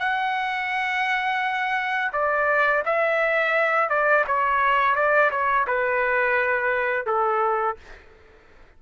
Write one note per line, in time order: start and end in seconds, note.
0.00 2.12 F#5
2.13 2.84 D5
2.86 3.90 E5
3.90 4.25 D5
4.28 4.96 C#5
4.96 5.31 D5
5.32 5.67 C#5
5.68 7.07 B4
7.07 7.77 A4